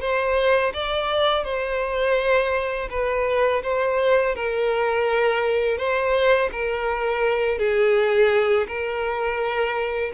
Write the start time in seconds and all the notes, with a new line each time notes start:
0.00 C5
0.73 D5
1.44 C5
2.90 B4
3.62 C5
4.35 A#4
5.77 C5
6.52 A#4
7.58 G#4
8.67 A#4